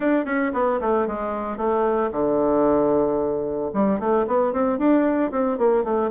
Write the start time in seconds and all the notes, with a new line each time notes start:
0.00 D4
0.25 C#4
0.53 B3
0.80 A3
1.07 G#3
1.57 A3
2.11 D3
3.73 G3
3.99 A3
4.27 B3
4.53 C4
4.78 D4
5.31 C4
5.58 A#3
5.84 A3